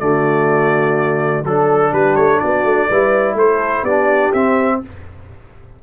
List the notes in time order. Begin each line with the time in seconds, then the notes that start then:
0.00 D3 A3 F#4 D5
1.44 F#3 D4 A4
1.92 G3 G4 B4
2.16 A3 C#5
2.40 B3 F#4 D5
2.64 A3
2.89 G3 E4 B4
3.35 A3 A4 C5
3.83 B3 D4 G4 D5
4.33 C4 E5